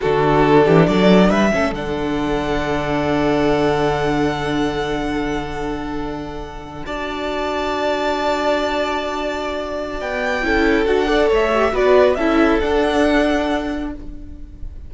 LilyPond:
<<
  \new Staff \with { instrumentName = "violin" } { \time 4/4 \tempo 4 = 138 a'2 d''4 e''4 | fis''1~ | fis''1~ | fis''2.~ fis''8. a''16~ |
a''1~ | a''2. g''4~ | g''4 fis''4 e''4 d''4 | e''4 fis''2. | }
  \new Staff \with { instrumentName = "violin" } { \time 4/4 fis'4. g'8 a'4 b'8 a'8~ | a'1~ | a'1~ | a'2.~ a'8. d''16~ |
d''1~ | d''1 | a'4. d''8 cis''4 b'4 | a'1 | }
  \new Staff \with { instrumentName = "viola" } { \time 4/4 d'2.~ d'8 cis'8 | d'1~ | d'1~ | d'2.~ d'8. fis'16~ |
fis'1~ | fis'1 | e'4 fis'8 a'4 g'8 fis'4 | e'4 d'2. | }
  \new Staff \with { instrumentName = "cello" } { \time 4/4 d4. e8 fis4 g8 a8 | d1~ | d1~ | d2.~ d8. d'16~ |
d'1~ | d'2. b4 | cis'4 d'4 a4 b4 | cis'4 d'2. | }
>>